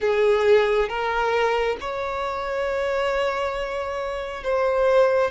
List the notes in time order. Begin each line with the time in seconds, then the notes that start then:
0.00 G#4
0.88 A#4
1.80 C#5
4.43 C5